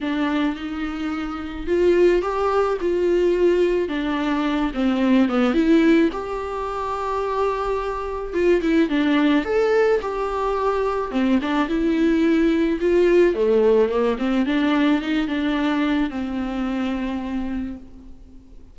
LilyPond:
\new Staff \with { instrumentName = "viola" } { \time 4/4 \tempo 4 = 108 d'4 dis'2 f'4 | g'4 f'2 d'4~ | d'8 c'4 b8 e'4 g'4~ | g'2. f'8 e'8 |
d'4 a'4 g'2 | c'8 d'8 e'2 f'4 | a4 ais8 c'8 d'4 dis'8 d'8~ | d'4 c'2. | }